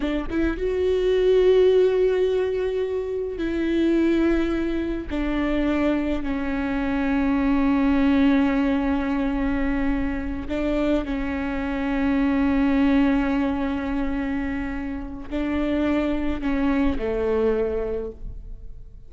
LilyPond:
\new Staff \with { instrumentName = "viola" } { \time 4/4 \tempo 4 = 106 d'8 e'8 fis'2.~ | fis'2 e'2~ | e'4 d'2 cis'4~ | cis'1~ |
cis'2~ cis'8 d'4 cis'8~ | cis'1~ | cis'2. d'4~ | d'4 cis'4 a2 | }